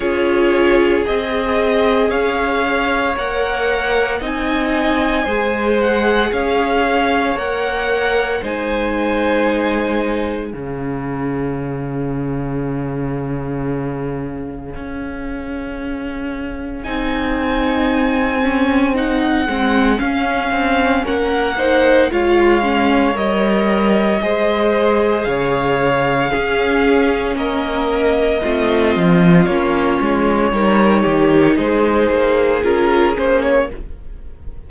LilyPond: <<
  \new Staff \with { instrumentName = "violin" } { \time 4/4 \tempo 4 = 57 cis''4 dis''4 f''4 fis''4 | gis''4. fis''8 f''4 fis''4 | gis''2 f''2~ | f''1 |
gis''2 fis''4 f''4 | fis''4 f''4 dis''2 | f''2 dis''2 | cis''2 c''4 ais'8 c''16 cis''16 | }
  \new Staff \with { instrumentName = "violin" } { \time 4/4 gis'2 cis''2 | dis''4 c''4 cis''2 | c''2 gis'2~ | gis'1~ |
gis'1 | ais'8 c''8 cis''2 c''4 | cis''4 gis'4 ais'4 f'4~ | f'4 ais'8 g'8 gis'2 | }
  \new Staff \with { instrumentName = "viola" } { \time 4/4 f'4 gis'2 ais'4 | dis'4 gis'2 ais'4 | dis'2 cis'2~ | cis'1 |
dis'4. cis'8 dis'8 c'8 cis'4~ | cis'8 dis'8 f'8 cis'8 ais'4 gis'4~ | gis'4 cis'2 c'4 | cis'4 dis'2 f'8 cis'8 | }
  \new Staff \with { instrumentName = "cello" } { \time 4/4 cis'4 c'4 cis'4 ais4 | c'4 gis4 cis'4 ais4 | gis2 cis2~ | cis2 cis'2 |
c'2~ c'8 gis8 cis'8 c'8 | ais4 gis4 g4 gis4 | cis4 cis'4 ais4 a8 f8 | ais8 gis8 g8 dis8 gis8 ais8 cis'8 ais8 | }
>>